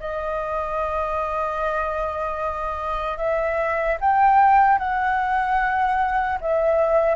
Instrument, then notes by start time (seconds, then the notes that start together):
flute
0.00 D#5
3.18 E5
4.01 G5
4.79 F#5
6.41 E5